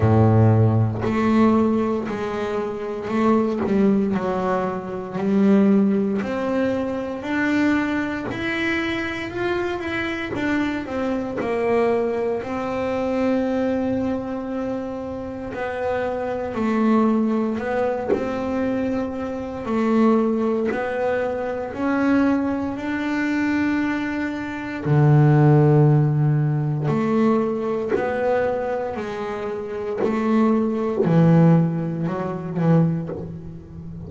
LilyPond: \new Staff \with { instrumentName = "double bass" } { \time 4/4 \tempo 4 = 58 a,4 a4 gis4 a8 g8 | fis4 g4 c'4 d'4 | e'4 f'8 e'8 d'8 c'8 ais4 | c'2. b4 |
a4 b8 c'4. a4 | b4 cis'4 d'2 | d2 a4 b4 | gis4 a4 e4 fis8 e8 | }